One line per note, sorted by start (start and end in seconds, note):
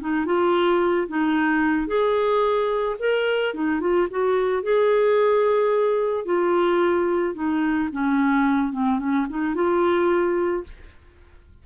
0.00 0.26 D#4
0.26 1.07 F4
1.08 1.87 D#4
1.87 2.96 G#4
2.99 3.54 A#4
3.54 3.80 D#4
3.80 4.07 F4
4.10 4.63 F#4
4.63 6.25 G#4
6.25 7.34 F4
7.34 7.89 D#4
7.92 8.72 C#4
8.72 8.99 C4
8.99 9.26 C#4
9.29 9.55 D#4
9.55 10.64 F4